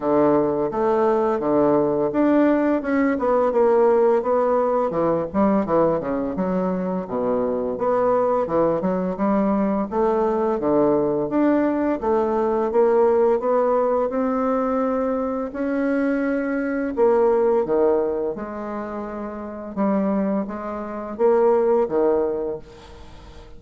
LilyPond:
\new Staff \with { instrumentName = "bassoon" } { \time 4/4 \tempo 4 = 85 d4 a4 d4 d'4 | cis'8 b8 ais4 b4 e8 g8 | e8 cis8 fis4 b,4 b4 | e8 fis8 g4 a4 d4 |
d'4 a4 ais4 b4 | c'2 cis'2 | ais4 dis4 gis2 | g4 gis4 ais4 dis4 | }